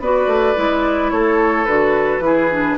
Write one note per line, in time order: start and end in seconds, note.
0.00 0.27 B3
0.00 0.56 F#4
0.00 1.13 B4
0.00 1.11 D5
0.27 0.55 A3
0.56 1.12 G#3
0.56 1.67 E4
1.11 1.67 A3
1.11 2.24 A4
1.11 1.66 C#5
1.66 2.20 D3
1.66 2.23 F#4
1.66 2.77 B4
2.20 2.75 E3
2.20 2.51 E4
2.20 2.78 G#4
2.52 2.78 D4